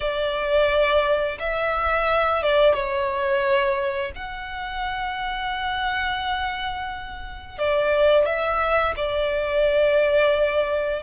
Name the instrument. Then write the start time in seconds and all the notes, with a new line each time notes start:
violin
0.00 D5
1.39 E5
2.43 D5
2.74 C#5
4.15 F#5
7.58 D5
8.25 E5
8.96 D5